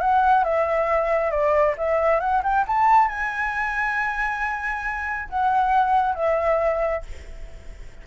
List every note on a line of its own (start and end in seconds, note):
0.00 0.44 F#5
0.44 1.31 E5
1.31 1.75 D5
1.77 2.20 E5
2.20 2.42 F#5
2.43 2.65 G5
2.67 3.08 A5
3.08 5.29 G#5
5.29 6.14 F#5
6.14 7.03 E5